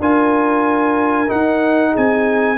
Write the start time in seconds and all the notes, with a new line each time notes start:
0.00 D4 F4 A#4 G#5
1.27 D#4 F#5
1.92 C4 G#4 G#5